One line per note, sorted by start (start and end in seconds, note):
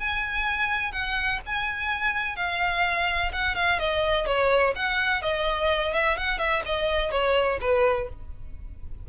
0.00 0.92 G#5
0.92 1.40 F#5
1.46 2.37 G#5
2.37 3.32 F5
3.33 3.56 F#5
3.56 3.79 F5
3.80 4.27 D#5
4.27 4.74 C#5
4.76 5.23 F#5
5.23 5.94 D#5
5.94 6.18 E5
6.18 6.39 F#5
6.39 6.63 E5
6.66 7.12 D#5
7.12 7.59 C#5
7.61 8.09 B4